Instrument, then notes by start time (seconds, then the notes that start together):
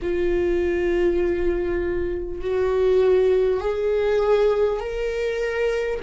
viola
0.02 F4
2.41 F#4
3.60 G#4
4.79 A#4